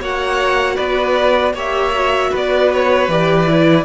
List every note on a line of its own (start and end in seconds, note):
0.00 0.77 A#3
0.00 1.54 F#4
0.00 0.75 C#5
0.00 0.77 F#5
0.75 1.53 B3
0.75 1.52 B4
0.75 1.54 D5
1.53 2.30 A#3
1.53 1.93 G4
1.53 2.30 C#5
1.53 2.35 E5
1.94 3.09 F#4
2.30 3.08 B3
2.30 3.84 B4
2.36 2.73 D5
2.73 3.10 C#5
3.08 3.85 E3
3.08 3.47 G4
3.08 3.85 D5
3.47 3.85 E4